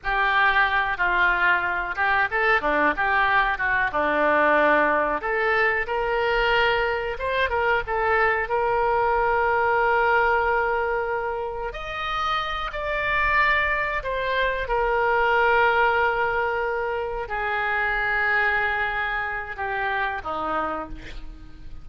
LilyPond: \new Staff \with { instrumentName = "oboe" } { \time 4/4 \tempo 4 = 92 g'4. f'4. g'8 a'8 | d'8 g'4 fis'8 d'2 | a'4 ais'2 c''8 ais'8 | a'4 ais'2.~ |
ais'2 dis''4. d''8~ | d''4. c''4 ais'4.~ | ais'2~ ais'8 gis'4.~ | gis'2 g'4 dis'4 | }